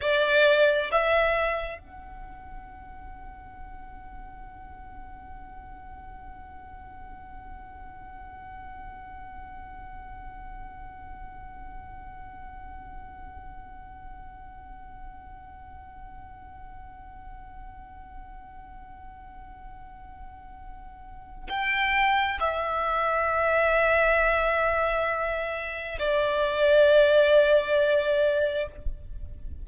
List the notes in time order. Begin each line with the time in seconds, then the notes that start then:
0.01 D5
0.91 E5
1.78 F#5
21.49 G5
22.40 E5
25.99 D5